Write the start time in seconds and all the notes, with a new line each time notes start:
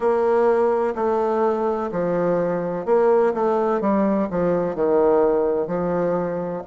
0.00 A#3
0.95 A3
1.91 F3
2.85 A#3
3.34 A3
3.81 G3
4.30 F3
4.75 D#3
5.67 F3